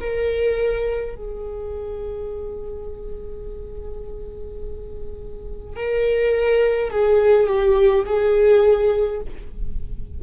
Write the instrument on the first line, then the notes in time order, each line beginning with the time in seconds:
viola
0.00 A#4
1.15 G#4
5.76 A#4
6.91 G#4
7.47 G4
8.06 G#4